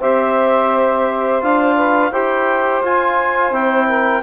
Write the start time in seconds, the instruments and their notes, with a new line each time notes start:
0.00 bassoon C4, trombone G4, saxophone C5, clarinet E5
1.41 bassoon D4, trombone F4, clarinet F5
1.76 saxophone B4
2.11 bassoon E4, trombone G4, saxophone C5, clarinet G5
2.81 bassoon F4, trombone F4, clarinet G#5
3.51 bassoon C4, trombone E4, clarinet G5
3.87 saxophone A#4